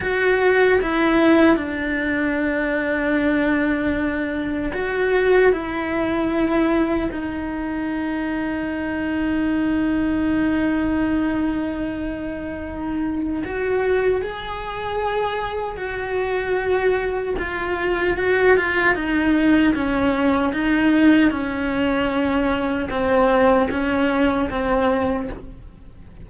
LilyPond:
\new Staff \with { instrumentName = "cello" } { \time 4/4 \tempo 4 = 76 fis'4 e'4 d'2~ | d'2 fis'4 e'4~ | e'4 dis'2.~ | dis'1~ |
dis'4 fis'4 gis'2 | fis'2 f'4 fis'8 f'8 | dis'4 cis'4 dis'4 cis'4~ | cis'4 c'4 cis'4 c'4 | }